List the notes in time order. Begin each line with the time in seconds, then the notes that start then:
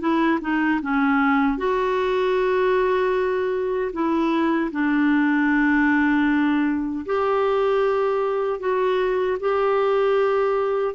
0.00 E4
0.41 D#4
0.82 C#4
1.58 F#4
3.93 E4
4.71 D4
7.06 G4
8.60 F#4
9.40 G4